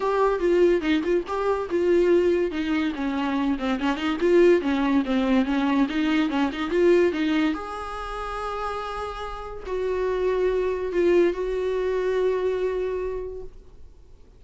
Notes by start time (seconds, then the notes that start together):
0.00 G4
0.39 F4
0.81 D#4
1.03 F4
1.27 G4
1.70 F4
2.51 D#4
2.94 C#4
3.58 C4
3.79 C#4
3.96 D#4
4.20 F4
4.61 C#4
5.05 C4
5.45 C#4
5.88 D#4
6.29 C#4
6.52 D#4
6.70 F4
7.12 D#4
7.54 G#4
9.66 F#4
10.92 F4
11.33 F#4